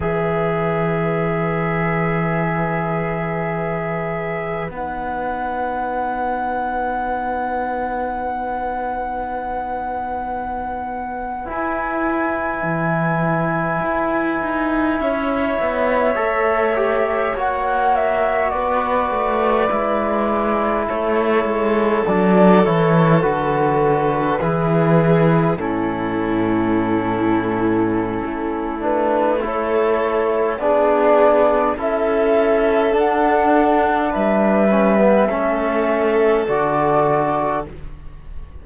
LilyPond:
<<
  \new Staff \with { instrumentName = "flute" } { \time 4/4 \tempo 4 = 51 e''1 | fis''1~ | fis''4.~ fis''16 gis''2~ gis''16~ | gis''8. e''2 fis''8 e''8 d''16~ |
d''4.~ d''16 cis''4 d''8 cis''8 b'16~ | b'4.~ b'16 a'2~ a'16~ | a'8 b'8 cis''4 d''4 e''4 | fis''4 e''2 d''4 | }
  \new Staff \with { instrumentName = "violin" } { \time 4/4 b'1~ | b'1~ | b'1~ | b'8. cis''2. b'16~ |
b'4.~ b'16 a'2~ a'16~ | a'8. gis'4 e'2~ e'16~ | e'4 a'4 gis'4 a'4~ | a'4 b'4 a'2 | }
  \new Staff \with { instrumentName = "trombone" } { \time 4/4 gis'1 | dis'1~ | dis'4.~ dis'16 e'2~ e'16~ | e'4.~ e'16 a'8 g'8 fis'4~ fis'16~ |
fis'8. e'2 d'8 e'8 fis'16~ | fis'8. e'4 cis'2~ cis'16~ | cis'8 d'8 e'4 d'4 e'4 | d'4. cis'16 b16 cis'4 fis'4 | }
  \new Staff \with { instrumentName = "cello" } { \time 4/4 e1 | b1~ | b4.~ b16 e'4 e4 e'16~ | e'16 dis'8 cis'8 b8 a4 ais4 b16~ |
b16 a8 gis4 a8 gis8 fis8 e8 d16~ | d8. e4 a,2~ a,16 | a2 b4 cis'4 | d'4 g4 a4 d4 | }
>>